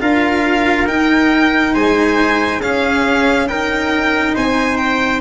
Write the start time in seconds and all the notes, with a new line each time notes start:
0.00 D4 F4 A#4 F5
0.87 D#4 G5
1.74 G#3 C5 G#5
2.60 C#4 G#4 F5
3.48 D#4 A#4 G5
4.35 C4 C5 G#5
4.77 G5